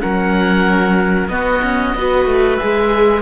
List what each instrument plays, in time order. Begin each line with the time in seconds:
0.00 cello F#3, viola C#4, oboe A#4 F#5
1.28 cello B3, viola B3, oboe F#4 D#5
1.63 cello C#4
1.95 cello B3, viola F#4, oboe B4
2.26 cello A3
2.58 cello G#3, viola G#4, oboe E5